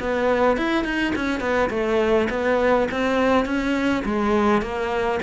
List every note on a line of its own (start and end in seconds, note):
0.00 0.57 B3
0.57 0.84 E4
0.84 1.13 D#4
1.15 1.40 C#4
1.40 1.69 B3
1.70 2.28 A3
2.30 2.88 B3
2.91 3.45 C4
3.45 4.04 C#4
4.05 4.62 G#3
4.62 5.20 A#3